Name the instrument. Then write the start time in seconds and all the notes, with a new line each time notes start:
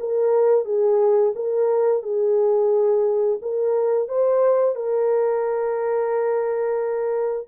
horn
0.00 A#4
0.65 G#4
1.35 A#4
2.03 G#4
3.42 A#4
4.08 C5
4.75 A#4